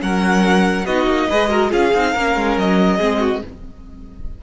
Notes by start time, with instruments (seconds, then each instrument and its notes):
0.00 cello F#3, viola C#4, violin A#4 F#5
0.86 cello B3, viola D#4, violin F#4 D#5
1.06 cello A#3
1.29 cello G#3, viola G#4, violin B4
1.50 viola F#4, violin A#4
1.70 cello C#4, viola F4, violin G#4 F5
1.94 cello C4, viola D#4
2.13 cello A#3, viola C#4, violin A#4
2.36 cello G#3
2.57 cello F#3, violin D#5
2.97 cello G#3, viola C4, violin G#4
3.20 violin F#4